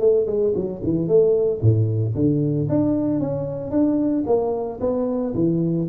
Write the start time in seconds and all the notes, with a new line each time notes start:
0.00 A3
0.27 G#3
0.55 F#3
0.84 E3
1.08 A3
1.61 A2
2.15 D3
2.69 D4
3.20 C#4
3.71 D4
4.26 A#3
4.81 B3
5.35 E3